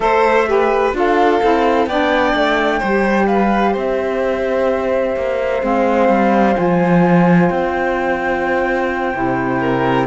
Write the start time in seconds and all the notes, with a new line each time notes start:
0.00 A3 A4 C5 E5
0.46 G4 B4
0.93 D4 F4 A4 F5
1.41 C4 E4
1.86 B3 D4 D5 G5
2.34 A3
2.79 G3 G4 C5
3.27 B4 F5
3.72 C4 C5 E5
5.16 A#3
5.60 G#3 C4 F5
6.08 G3
6.54 F3 F4 G#5
7.49 C4 G5
9.13 C3 E4
9.59 A#4